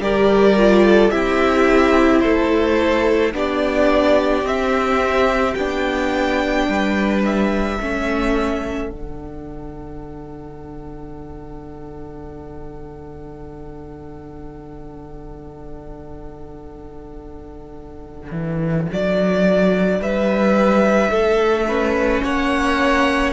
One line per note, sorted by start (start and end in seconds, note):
0.00 1.11 G3
0.00 0.56 G4
0.00 0.86 A#4
0.00 1.11 D5
0.58 1.13 F4
0.86 1.12 A4
1.11 2.23 C4
1.11 3.34 E4
1.11 2.23 G4
1.11 2.21 E5
2.21 3.34 A3
2.21 3.34 A4
2.21 3.32 C5
3.34 4.44 B3
3.34 4.45 D4
3.34 6.69 G4
3.34 4.47 D5
4.44 5.55 C4
4.44 5.57 C4
4.44 5.54 E5
5.54 6.68 B3
5.54 7.81 D4
5.54 7.21 G5
6.68 7.79 G3
6.68 7.78 B4
7.25 8.91 E5
7.78 8.90 A3
7.78 8.92 C#4
7.78 20.00 A4
8.90 18.32 D3
8.90 21.69 D4
8.90 18.91 F#5
18.32 18.88 E3
18.93 20.00 F#3
18.93 20.03 D5
20.00 21.11 G3
20.00 21.11 B4
20.00 22.24 E5
21.11 22.23 A3
21.11 21.67 A4
21.69 23.33 C#4
21.69 22.24 B4
22.23 23.33 A#3
22.23 23.33 C#5
22.23 23.33 F#5